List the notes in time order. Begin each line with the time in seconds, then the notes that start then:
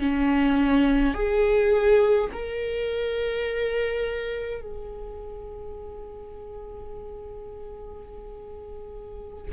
0.00 C#4
1.15 G#4
2.33 A#4
4.62 G#4